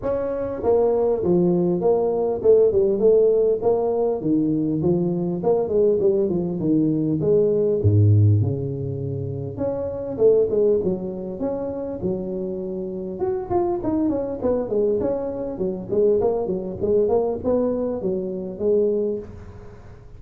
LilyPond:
\new Staff \with { instrumentName = "tuba" } { \time 4/4 \tempo 4 = 100 cis'4 ais4 f4 ais4 | a8 g8 a4 ais4 dis4 | f4 ais8 gis8 g8 f8 dis4 | gis4 gis,4 cis2 |
cis'4 a8 gis8 fis4 cis'4 | fis2 fis'8 f'8 dis'8 cis'8 | b8 gis8 cis'4 fis8 gis8 ais8 fis8 | gis8 ais8 b4 fis4 gis4 | }